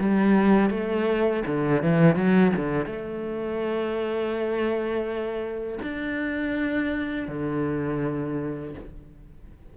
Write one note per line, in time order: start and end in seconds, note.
0.00 0.71 G3
0.71 1.44 A3
1.47 1.83 D3
1.83 2.16 E3
2.16 2.53 F#3
2.56 2.86 D3
2.86 5.79 A3
5.83 7.28 D4
7.28 8.75 D3